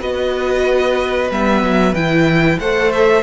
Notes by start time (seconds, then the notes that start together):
0.00 B3 F#4 B4 D#5
1.30 G3 B3 E5
1.63 F#3
1.93 E3 E4 G5
2.59 A3 A4 C5 F#5
2.92 E5